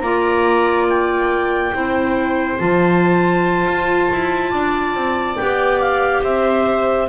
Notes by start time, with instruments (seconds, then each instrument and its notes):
0.00 double bass A#3, clarinet F4 A#5, viola D5
0.89 clarinet G5
1.72 double bass C4, clarinet E4, viola C5
2.58 double bass F3, clarinet F4 A5
3.66 double bass F4
4.12 double bass E4
4.49 double bass D4, viola D5
4.94 double bass C4
5.36 double bass B3, clarinet G4 G5
5.79 clarinet F5
6.23 double bass C4, viola C5, clarinet E5